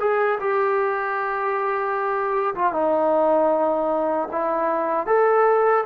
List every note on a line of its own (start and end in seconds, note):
0.00 0.39 G#4
0.40 2.54 G4
2.55 2.73 F4
2.73 4.29 D#4
4.32 5.07 E4
5.07 5.85 A4